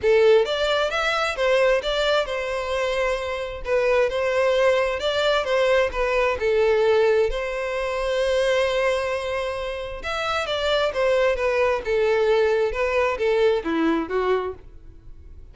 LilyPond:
\new Staff \with { instrumentName = "violin" } { \time 4/4 \tempo 4 = 132 a'4 d''4 e''4 c''4 | d''4 c''2. | b'4 c''2 d''4 | c''4 b'4 a'2 |
c''1~ | c''2 e''4 d''4 | c''4 b'4 a'2 | b'4 a'4 e'4 fis'4 | }